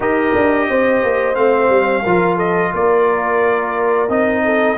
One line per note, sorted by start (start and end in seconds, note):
0.00 0.34 D#4
0.00 1.35 G4
0.00 0.68 A#4
0.00 1.35 D#5
0.35 0.69 D4
0.69 1.03 C4
0.69 2.02 C5
1.03 1.36 A#3
1.35 1.69 A3
1.35 2.03 C4
1.35 2.37 F5
1.69 2.03 G3
2.02 2.73 F3
2.02 4.08 F4
2.02 2.36 A#4
2.36 2.70 A4
2.36 2.72 D#5
2.74 4.09 A#3
2.74 4.44 A#4
2.74 4.10 D5
4.08 4.77 C4
4.08 4.77 D#4
4.08 4.77 D#5
4.44 4.77 A4